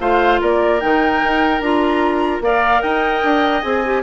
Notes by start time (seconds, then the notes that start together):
0.00 A3 F4 C5 F5
0.41 A#3 A#4 D5
0.80 D#3 D#4 G5
1.24 D#4
1.61 D4 F4 A#5
2.41 A#3 A#4 D5 F5
2.82 D#4 D#5 G5
3.23 D4
3.62 C4 G#4 G#5
3.85 G4